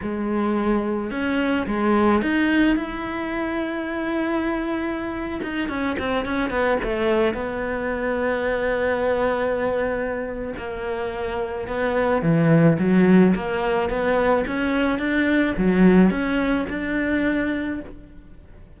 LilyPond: \new Staff \with { instrumentName = "cello" } { \time 4/4 \tempo 4 = 108 gis2 cis'4 gis4 | dis'4 e'2.~ | e'4.~ e'16 dis'8 cis'8 c'8 cis'8 b16~ | b16 a4 b2~ b8.~ |
b2. ais4~ | ais4 b4 e4 fis4 | ais4 b4 cis'4 d'4 | fis4 cis'4 d'2 | }